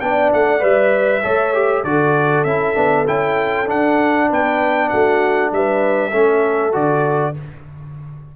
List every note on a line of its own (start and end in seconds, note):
0.00 0.32 B3
0.00 0.59 D4
0.00 1.22 D5
0.00 0.31 G5
0.32 0.61 A3
0.32 0.63 F#5
0.59 1.23 G3
0.59 1.21 B4
0.59 1.84 E5
1.22 1.84 A3
1.22 1.53 A4
1.22 1.84 C#5
1.53 1.84 G4
1.84 2.45 D3
1.84 2.46 F#4
1.84 4.29 A4
1.84 2.43 D5
2.43 2.75 C#4
2.43 2.74 E4
2.43 3.05 E5
2.74 3.07 B3
2.74 3.05 D4
3.06 3.68 C#4
3.06 3.66 E4
3.06 3.68 G5
3.66 6.11 D4
3.66 4.30 D4
3.66 4.30 F#5
4.29 4.92 B3
4.29 4.90 B4
4.29 4.89 G5
4.89 5.52 A3
4.89 5.51 F#4
4.89 5.50 F#5
5.52 6.13 G3
5.52 6.10 B4
5.52 6.74 E5
6.10 6.74 A3
6.10 6.72 C#4
6.10 7.33 A4
6.72 7.35 D3
6.72 7.33 F#4
6.72 7.35 D5